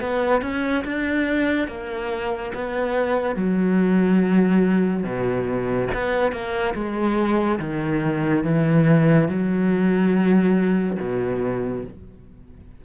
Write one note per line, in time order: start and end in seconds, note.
0.00 0.41 B3
0.41 0.84 C#4
0.84 1.67 D4
1.67 2.52 A#3
2.54 3.35 B3
3.35 5.04 F#3
5.04 5.88 B2
5.94 6.31 B3
6.31 6.74 A#3
6.74 7.59 G#3
7.59 8.44 D#3
8.44 9.28 E3
9.28 10.97 F#3
10.99 11.84 B2